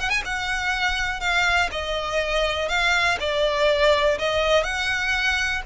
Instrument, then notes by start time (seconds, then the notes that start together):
violin
0.00 F#5
0.10 G#5
0.25 F#5
1.20 F5
1.71 D#5
2.68 F5
3.20 D5
4.18 D#5
4.63 F#5